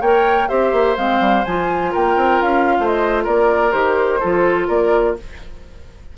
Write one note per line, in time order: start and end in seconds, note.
0.00 0.48 A#3
0.00 0.48 A#4
0.00 0.48 C#5
0.00 0.48 G5
0.48 0.72 C4
0.48 0.96 G4
0.48 1.92 C5
0.48 0.96 E5
0.72 0.96 A#3
0.96 1.20 G#3
0.96 1.44 C4
0.96 1.44 F5
1.20 1.44 G3
1.44 1.93 F3
1.44 3.71 F4
1.44 1.92 G#5
1.92 2.16 A#3
1.92 2.76 A#4
1.92 2.41 G5
2.16 2.40 C4
2.41 2.78 C#4
2.41 2.87 F5
2.79 3.26 A3
2.79 3.23 C5
2.87 3.23 D#5
3.23 3.73 A#3
3.23 4.19 A#4
3.23 3.71 D5
3.71 4.21 D#3
3.71 4.19 G4
3.71 4.67 C5
4.19 4.68 F3
4.19 5.17 F4
4.19 4.67 A4
4.67 5.16 A#3
4.67 5.15 A#4
4.67 5.16 D5